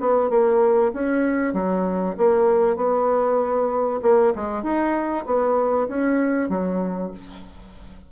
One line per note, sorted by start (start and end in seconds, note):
0.00 0.30 B3
0.30 0.92 A#3
0.93 1.54 C#4
1.54 2.15 F#3
2.17 2.76 A#3
2.76 4.00 B3
4.02 4.33 A#3
4.36 4.63 G#3
4.63 5.25 D#4
5.26 5.88 B3
5.88 6.49 C#4
6.49 7.11 F#3